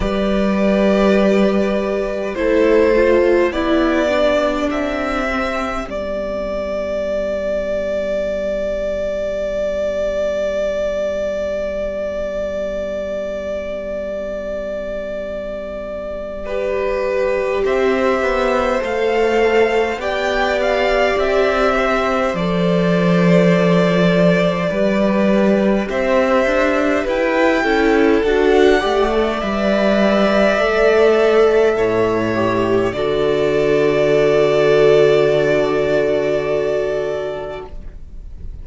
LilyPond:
<<
  \new Staff \with { instrumentName = "violin" } { \time 4/4 \tempo 4 = 51 d''2 c''4 d''4 | e''4 d''2.~ | d''1~ | d''2. e''4 |
f''4 g''8 f''8 e''4 d''4~ | d''2 e''4 g''4 | fis''4 e''2. | d''1 | }
  \new Staff \with { instrumentName = "violin" } { \time 4/4 b'2 a'4 g'4~ | g'1~ | g'1~ | g'2 b'4 c''4~ |
c''4 d''4. c''4.~ | c''4 b'4 c''4 b'8 a'8~ | a'8 d''2~ d''8 cis''4 | a'1 | }
  \new Staff \with { instrumentName = "viola" } { \time 4/4 g'2 e'8 f'8 e'8 d'8~ | d'8 c'8 b2.~ | b1~ | b2 g'2 |
a'4 g'2 a'4~ | a'4 g'2~ g'8 e'8 | fis'8 g'16 a'16 b'4 a'4. g'8 | fis'1 | }
  \new Staff \with { instrumentName = "cello" } { \time 4/4 g2 a4 b4 | c'4 g2.~ | g1~ | g2. c'8 b8 |
a4 b4 c'4 f4~ | f4 g4 c'8 d'8 e'8 cis'8 | d'8 a8 g4 a4 a,4 | d1 | }
>>